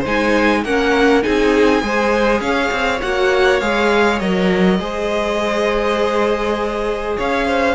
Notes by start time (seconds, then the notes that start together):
0.00 G#3 D#4 C5
0.06 G#5
0.64 A#3 C#4 A#4 F#5
1.23 C4 D#4 G#4 G#5
1.82 G#3 G#4 C5
2.41 C#4 C#5 F5
2.71 C4
3.01 A#3 F#4 F#5
3.61 G#3 G#4 F5
4.20 F#3 A#4 D#5
4.79 G#3 G#4 C5
7.17 C#4 C#5 F5
7.47 C5